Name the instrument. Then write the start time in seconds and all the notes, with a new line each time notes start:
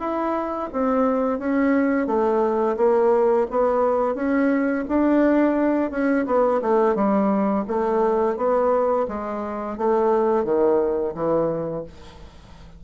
bassoon
0.00 E4
0.73 C4
1.39 C#4
2.07 A3
2.77 A#3
3.51 B3
4.15 C#4
4.89 D4
5.91 C#4
6.26 B3
6.62 A3
6.95 G3
7.68 A3
8.37 B3
9.08 G#3
9.78 A3
10.45 D#3
11.15 E3